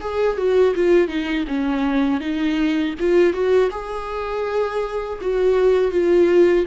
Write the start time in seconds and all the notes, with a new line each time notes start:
0.00 G#4
0.37 F#4
0.75 F4
1.07 D#4
1.47 C#4
2.20 D#4
2.99 F4
3.33 F#4
3.70 G#4
5.21 F#4
5.91 F4